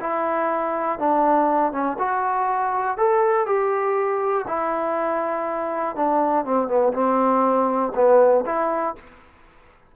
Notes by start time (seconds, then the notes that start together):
0.00 E4
0.99 D4
1.72 C#4
1.99 F#4
2.97 A4
3.46 G4
4.47 E4
5.96 D4
6.45 C4
6.68 B3
6.93 C4
7.95 B3
8.46 E4